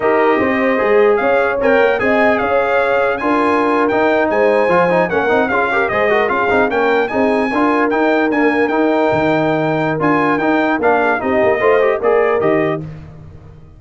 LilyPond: <<
  \new Staff \with { instrumentName = "trumpet" } { \time 4/4 \tempo 4 = 150 dis''2. f''4 | g''4 gis''4 f''2 | gis''4.~ gis''16 g''4 gis''4~ gis''16~ | gis''8. fis''4 f''4 dis''4 f''16~ |
f''8. g''4 gis''2 g''16~ | g''8. gis''4 g''2~ g''16~ | g''4 gis''4 g''4 f''4 | dis''2 d''4 dis''4 | }
  \new Staff \with { instrumentName = "horn" } { \time 4/4 ais'4 c''2 cis''4~ | cis''4 dis''4 cis''2 | ais'2~ ais'8. c''4~ c''16~ | c''8. ais'4 gis'8 ais'8 c''8 ais'8 gis'16~ |
gis'8. ais'4 gis'4 ais'4~ ais'16~ | ais'1~ | ais'2.~ ais'8 gis'8 | g'4 c''4 ais'2 | }
  \new Staff \with { instrumentName = "trombone" } { \time 4/4 g'2 gis'2 | ais'4 gis'2. | f'4.~ f'16 dis'2 f'16~ | f'16 dis'8 cis'8 dis'8 f'8 g'8 gis'8 fis'8 f'16~ |
f'16 dis'8 cis'4 dis'4 f'4 dis'16~ | dis'8. ais4 dis'2~ dis'16~ | dis'4 f'4 dis'4 d'4 | dis'4 f'8 g'8 gis'4 g'4 | }
  \new Staff \with { instrumentName = "tuba" } { \time 4/4 dis'4 c'4 gis4 cis'4 | c'8 ais8 c'4 cis'2 | d'4.~ d'16 dis'4 gis4 f16~ | f8. ais8 c'8 cis'4 gis4 cis'16~ |
cis'16 c'8 ais4 c'4 d'4 dis'16~ | dis'8. d'4 dis'4 dis4~ dis16~ | dis4 d'4 dis'4 ais4 | c'8 ais8 a4 ais4 dis4 | }
>>